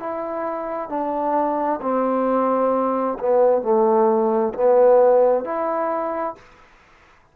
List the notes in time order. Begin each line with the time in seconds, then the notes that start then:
0.00 E4
0.90 D4
1.82 C4
3.19 B3
3.63 A3
4.54 B3
5.45 E4